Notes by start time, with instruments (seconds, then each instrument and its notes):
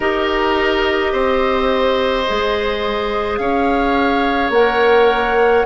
0.00 bassoon D#4, clarinet G4, oboe A#4, flute D#5
1.12 bassoon C4, oboe C5
2.27 bassoon G#3, clarinet G#4
3.37 bassoon C#4, oboe C#5, flute F5
4.50 bassoon A#3, clarinet A#4, flute F#5